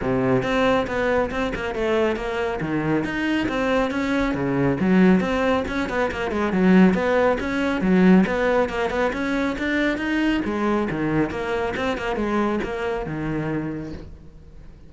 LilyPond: \new Staff \with { instrumentName = "cello" } { \time 4/4 \tempo 4 = 138 c4 c'4 b4 c'8 ais8 | a4 ais4 dis4 dis'4 | c'4 cis'4 cis4 fis4 | c'4 cis'8 b8 ais8 gis8 fis4 |
b4 cis'4 fis4 b4 | ais8 b8 cis'4 d'4 dis'4 | gis4 dis4 ais4 c'8 ais8 | gis4 ais4 dis2 | }